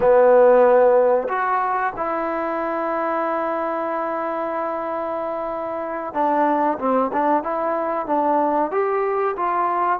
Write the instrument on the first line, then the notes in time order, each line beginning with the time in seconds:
trombone
0.00 B3
1.28 F#4
1.96 E4
6.13 D4
6.78 C4
7.12 D4
7.43 E4
8.06 D4
8.71 G4
9.36 F4